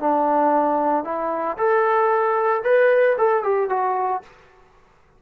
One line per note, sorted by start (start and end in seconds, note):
0.00 1.04 D4
1.04 1.57 E4
1.57 2.63 A4
2.64 3.17 B4
3.18 3.44 A4
3.44 3.70 G4
3.70 4.22 F#4